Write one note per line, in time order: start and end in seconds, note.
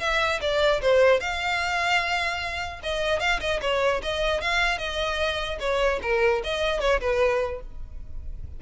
0.00 0.40 E5
0.41 0.81 D5
0.81 1.20 C5
1.20 2.80 F5
2.83 3.19 D#5
3.19 3.39 F5
3.40 3.60 D#5
3.61 4.01 C#5
4.02 4.41 D#5
4.41 4.78 F5
4.78 5.58 D#5
5.60 6.00 C#5
6.02 6.42 A#4
6.43 6.80 D#5
6.80 7.00 C#5
7.00 7.60 B4